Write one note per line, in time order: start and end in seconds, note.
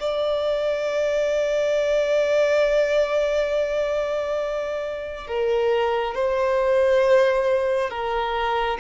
0.00 5.27 D5
5.27 6.15 A#4
6.15 7.90 C5
7.90 8.78 A#4